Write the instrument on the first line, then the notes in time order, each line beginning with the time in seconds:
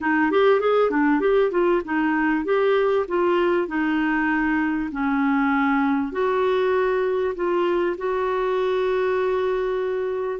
clarinet
0.00 D#4
0.31 G4
0.60 G#4
0.90 D4
1.20 G4
1.51 F4
1.85 D#4
2.44 G4
3.08 F4
3.67 D#4
4.91 C#4
6.11 F#4
7.35 F4
7.97 F#4